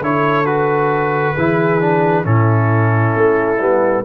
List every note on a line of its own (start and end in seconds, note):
0.00 1.34 D3
0.00 0.45 E4
0.00 1.36 A4
0.00 0.46 C#5
0.45 1.35 F#4
0.45 2.25 B4
1.37 2.25 E3
1.37 1.80 E4
1.37 2.24 G#4
1.80 2.24 D4
2.24 3.15 A2
2.24 3.58 C#4
2.24 4.04 E4
2.24 4.05 A4
3.16 3.60 A3
3.59 4.05 G3
3.59 4.04 B3